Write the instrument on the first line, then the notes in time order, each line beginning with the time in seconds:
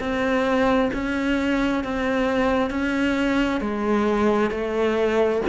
cello
0.00 C4
0.94 C#4
1.84 C4
2.71 C#4
3.61 G#3
4.51 A3